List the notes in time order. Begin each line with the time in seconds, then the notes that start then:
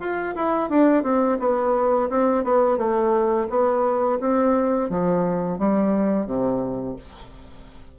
0.00 F4
0.36 E4
0.70 D4
1.04 C4
1.40 B3
2.10 C4
2.44 B3
2.78 A3
3.50 B3
4.21 C4
4.90 F3
5.59 G3
6.27 C3